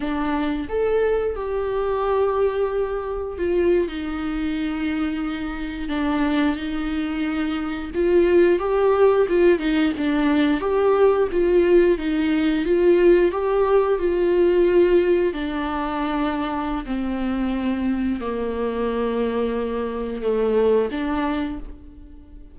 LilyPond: \new Staff \with { instrumentName = "viola" } { \time 4/4 \tempo 4 = 89 d'4 a'4 g'2~ | g'4 f'8. dis'2~ dis'16~ | dis'8. d'4 dis'2 f'16~ | f'8. g'4 f'8 dis'8 d'4 g'16~ |
g'8. f'4 dis'4 f'4 g'16~ | g'8. f'2 d'4~ d'16~ | d'4 c'2 ais4~ | ais2 a4 d'4 | }